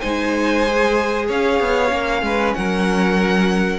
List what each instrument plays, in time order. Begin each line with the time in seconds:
0.00 cello G#3, viola D#4, violin C5 G#5
0.66 viola G#4
1.27 cello C#4, violin C#5 F5
1.60 cello B3
1.88 cello A#3, viola C#4
2.22 cello G#3, violin B4
2.54 cello F#3, violin A#4 F#5